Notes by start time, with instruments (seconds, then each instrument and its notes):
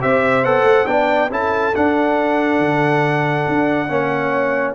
0.00 tuba C4, trombone G4, horn C5, trumpet E5
0.43 tuba B3, trombone A4, trumpet F#5
0.62 tuba A3
0.86 tuba B3, trombone D4, horn D5, trumpet G5
1.29 tuba C#4, trombone E4, horn A4, trumpet A5
1.75 trombone D4, tuba D4, trumpet F#5
2.58 tuba D3
3.48 tuba D4
3.88 tuba A#3, trombone C#4, horn C#5